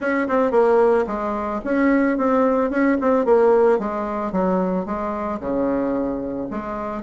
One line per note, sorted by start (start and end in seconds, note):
0.00 0.27 C#4
0.28 0.51 C4
0.51 1.05 A#3
1.07 1.61 G#3
1.64 2.17 C#4
2.17 2.70 C4
2.70 2.97 C#4
3.00 3.25 C4
3.25 3.78 A#3
3.78 4.32 G#3
4.32 4.85 F#3
4.85 5.39 G#3
5.40 6.48 C#3
6.50 7.02 G#3